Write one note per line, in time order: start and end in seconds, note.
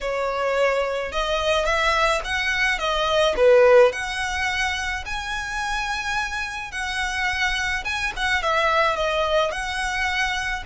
0.01 1.12 C#5
1.12 1.65 D#5
1.65 2.21 E5
2.24 2.78 F#5
2.78 3.34 D#5
3.36 3.92 B4
3.92 5.04 F#5
5.05 6.71 G#5
6.71 7.84 F#5
7.84 8.12 G#5
8.16 8.42 F#5
8.42 8.96 E5
8.96 9.51 D#5
9.51 10.63 F#5